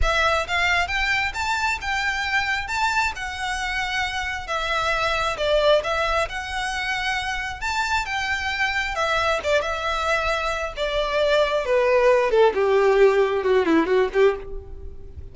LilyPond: \new Staff \with { instrumentName = "violin" } { \time 4/4 \tempo 4 = 134 e''4 f''4 g''4 a''4 | g''2 a''4 fis''4~ | fis''2 e''2 | d''4 e''4 fis''2~ |
fis''4 a''4 g''2 | e''4 d''8 e''2~ e''8 | d''2 b'4. a'8 | g'2 fis'8 e'8 fis'8 g'8 | }